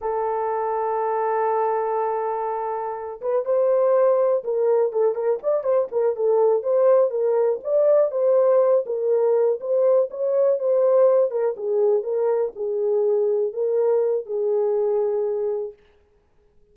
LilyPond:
\new Staff \with { instrumentName = "horn" } { \time 4/4 \tempo 4 = 122 a'1~ | a'2~ a'8 b'8 c''4~ | c''4 ais'4 a'8 ais'8 d''8 c''8 | ais'8 a'4 c''4 ais'4 d''8~ |
d''8 c''4. ais'4. c''8~ | c''8 cis''4 c''4. ais'8 gis'8~ | gis'8 ais'4 gis'2 ais'8~ | ais'4 gis'2. | }